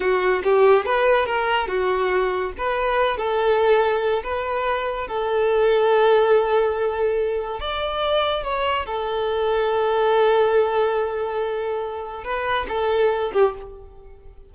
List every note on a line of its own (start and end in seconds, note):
0.00 0.42 F#4
0.43 0.85 G4
0.85 1.26 B4
1.26 1.67 A#4
1.67 2.52 F#4
2.57 3.17 B4
3.17 4.23 A4
4.23 5.07 B4
5.07 7.60 A4
7.60 8.43 D5
8.43 8.86 C#5
8.86 12.24 A4
12.24 12.66 B4
12.68 13.31 A4
13.33 13.54 G4